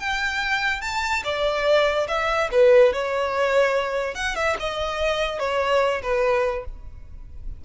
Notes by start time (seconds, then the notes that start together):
0.00 G5
0.82 A5
1.24 D5
2.08 E5
2.52 B4
2.93 C#5
4.15 F#5
4.36 E5
4.60 D#5
5.40 C#5
6.03 B4